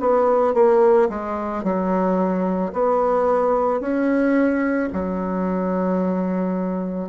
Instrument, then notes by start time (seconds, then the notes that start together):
bassoon
0.00 B3
0.55 A#3
1.09 G#3
1.64 F#3
2.73 B3
3.80 C#4
4.93 F#3